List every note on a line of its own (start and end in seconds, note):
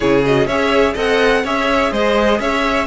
0.00 0.46 C#3
0.00 0.24 E4
0.00 0.46 G#4
0.00 0.22 C#5
0.25 0.49 F#4
0.25 0.47 D#5
0.46 0.94 C#4
0.46 0.96 G#4
0.46 0.93 C#5
0.46 0.95 E5
0.93 1.44 C4
0.93 1.44 A4
0.93 1.41 D#5
0.93 1.46 F#5
1.43 1.91 C#4
1.43 2.86 G#4
1.43 1.91 C#5
1.43 1.92 E5
1.91 2.39 G#3
1.91 2.39 C5
1.91 2.40 D#5
2.39 2.86 C#4
2.39 2.86 C#5
2.39 2.86 E5